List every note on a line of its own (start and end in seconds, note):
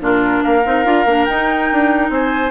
0.00 0.42 A#2
0.00 0.63 D4
0.00 0.43 F4
0.00 0.43 A#4
0.43 0.65 A#3
0.43 2.11 A#4
0.43 1.25 F5
0.65 0.85 C4
0.65 0.84 D#4
0.84 1.05 D4
0.84 1.05 F4
1.05 1.26 A#3
1.05 1.28 D4
1.25 2.51 D#4
1.25 1.71 D#4
1.25 2.09 G5
1.72 2.09 D4
2.09 2.51 C4
2.09 2.51 C5
2.09 2.51 G#5